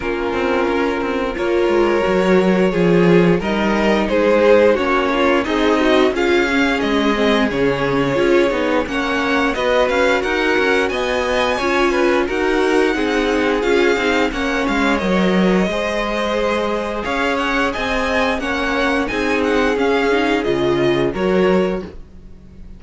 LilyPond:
<<
  \new Staff \with { instrumentName = "violin" } { \time 4/4 \tempo 4 = 88 ais'2 cis''2~ | cis''4 dis''4 c''4 cis''4 | dis''4 f''4 dis''4 cis''4~ | cis''4 fis''4 dis''8 f''8 fis''4 |
gis''2 fis''2 | f''4 fis''8 f''8 dis''2~ | dis''4 f''8 fis''8 gis''4 fis''4 | gis''8 fis''8 f''4 dis''4 cis''4 | }
  \new Staff \with { instrumentName = "violin" } { \time 4/4 f'2 ais'2 | gis'4 ais'4 gis'4 fis'8 f'8 | dis'4 gis'2.~ | gis'4 cis''4 b'4 ais'4 |
dis''4 cis''8 b'8 ais'4 gis'4~ | gis'4 cis''2 c''4~ | c''4 cis''4 dis''4 cis''4 | gis'2. ais'4 | }
  \new Staff \with { instrumentName = "viola" } { \time 4/4 cis'2 f'4 fis'4 | f'4 dis'2 cis'4 | gis'8 fis'8 f'8 cis'4 c'8 cis'4 | f'8 dis'8 cis'4 fis'2~ |
fis'4 f'4 fis'4 dis'4 | f'8 dis'8 cis'4 ais'4 gis'4~ | gis'2. cis'4 | dis'4 cis'8 dis'8 f'4 fis'4 | }
  \new Staff \with { instrumentName = "cello" } { \time 4/4 ais8 c'8 cis'8 c'8 ais8 gis8 fis4 | f4 g4 gis4 ais4 | c'4 cis'4 gis4 cis4 | cis'8 b8 ais4 b8 cis'8 dis'8 cis'8 |
b4 cis'4 dis'4 c'4 | cis'8 c'8 ais8 gis8 fis4 gis4~ | gis4 cis'4 c'4 ais4 | c'4 cis'4 cis4 fis4 | }
>>